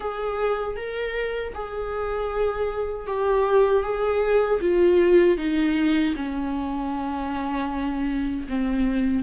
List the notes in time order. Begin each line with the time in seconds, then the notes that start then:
0.00 G#4
0.76 A#4
1.54 G#4
3.06 G4
3.83 G#4
4.60 F4
5.37 D#4
6.16 C#4
8.48 C4